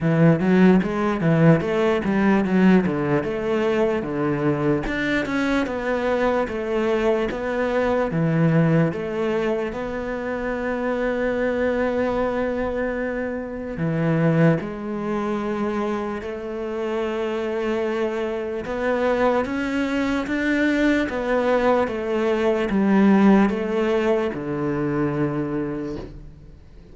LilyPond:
\new Staff \with { instrumentName = "cello" } { \time 4/4 \tempo 4 = 74 e8 fis8 gis8 e8 a8 g8 fis8 d8 | a4 d4 d'8 cis'8 b4 | a4 b4 e4 a4 | b1~ |
b4 e4 gis2 | a2. b4 | cis'4 d'4 b4 a4 | g4 a4 d2 | }